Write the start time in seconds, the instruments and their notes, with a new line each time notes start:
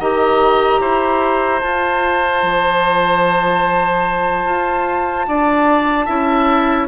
0.00 bassoon D#3, clarinet G4, oboe D#5, flute A#5
0.80 bassoon E4, oboe C5
1.60 clarinet F4, bassoon F4, flute A5
2.43 bassoon F3
4.45 bassoon F4
5.28 bassoon D4, oboe D5
6.06 bassoon C#4, clarinet E4, oboe E5